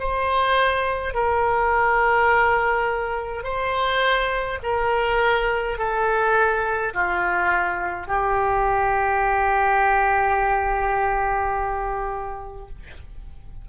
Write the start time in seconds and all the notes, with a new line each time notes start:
0.00 C5
1.15 A#4
3.44 C5
4.64 A#4
5.78 A4
6.94 F4
8.08 G4